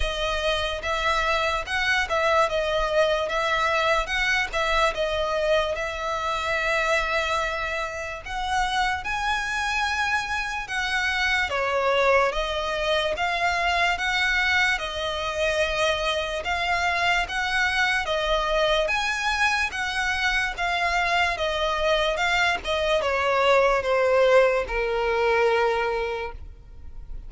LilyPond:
\new Staff \with { instrumentName = "violin" } { \time 4/4 \tempo 4 = 73 dis''4 e''4 fis''8 e''8 dis''4 | e''4 fis''8 e''8 dis''4 e''4~ | e''2 fis''4 gis''4~ | gis''4 fis''4 cis''4 dis''4 |
f''4 fis''4 dis''2 | f''4 fis''4 dis''4 gis''4 | fis''4 f''4 dis''4 f''8 dis''8 | cis''4 c''4 ais'2 | }